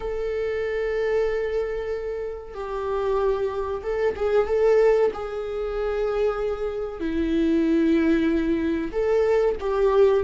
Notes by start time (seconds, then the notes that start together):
0.00 A4
2.54 G4
3.82 A4
4.15 G#4
4.47 A4
5.13 G#4
7.00 E4
8.92 A4
9.59 G4